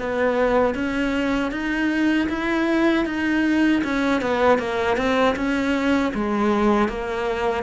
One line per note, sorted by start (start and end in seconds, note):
0.00 0.75 B3
0.75 1.52 C#4
1.52 2.29 D#4
2.30 3.06 E4
3.06 3.83 D#4
3.84 4.22 C#4
4.22 4.59 B3
4.59 4.98 A#3
4.98 5.36 C4
5.36 6.13 C#4
6.15 6.89 G#3
6.89 7.64 A#3